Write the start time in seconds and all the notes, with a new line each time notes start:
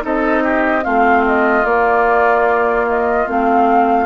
0.00 C4 D#4 A4 D#5
0.43 G4
0.83 A3 C4 F4 F5
1.27 D#5
1.65 A#3 D5
2.88 D#5
3.27 A3 C4 F5